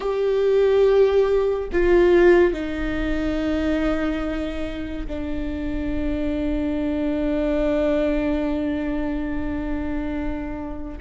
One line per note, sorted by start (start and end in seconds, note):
0.00 1.68 G4
1.72 2.53 F4
2.53 5.06 D#4
5.07 10.99 D4